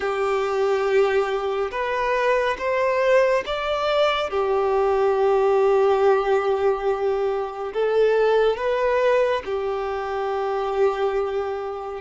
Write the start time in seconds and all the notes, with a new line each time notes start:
0.00 G4
1.71 B4
2.58 C5
3.46 D5
4.29 G4
7.73 A4
8.56 B4
9.45 G4